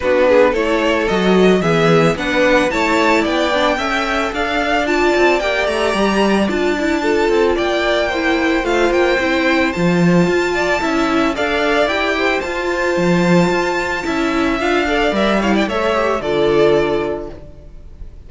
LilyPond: <<
  \new Staff \with { instrumentName = "violin" } { \time 4/4 \tempo 4 = 111 b'4 cis''4 dis''4 e''4 | fis''4 a''4 g''2 | f''4 a''4 g''8 ais''4. | a''2 g''2 |
f''8 g''4. a''2~ | a''4 f''4 g''4 a''4~ | a''2. f''4 | e''8 f''16 g''16 e''4 d''2 | }
  \new Staff \with { instrumentName = "violin" } { \time 4/4 fis'8 gis'8 a'2 gis'4 | b'4 cis''4 d''4 e''4 | d''1~ | d''4 a'4 d''4 c''4~ |
c''2.~ c''8 d''8 | e''4 d''4. c''4.~ | c''2 e''4. d''8~ | d''8 cis''16 d''16 cis''4 a'2 | }
  \new Staff \with { instrumentName = "viola" } { \time 4/4 d'4 e'4 fis'4 b4 | d'4 e'4. d'8 a'4~ | a'4 f'4 g'2 | f'8 e'8 f'2 e'4 |
f'4 e'4 f'2 | e'4 a'4 g'4 f'4~ | f'2 e'4 f'8 a'8 | ais'8 e'8 a'8 g'8 f'2 | }
  \new Staff \with { instrumentName = "cello" } { \time 4/4 b4 a4 fis4 e4 | b4 a4 b4 cis'4 | d'4. c'8 ais8 a8 g4 | d'4. c'8 ais2 |
a8 ais8 c'4 f4 f'4 | cis'4 d'4 e'4 f'4 | f4 f'4 cis'4 d'4 | g4 a4 d2 | }
>>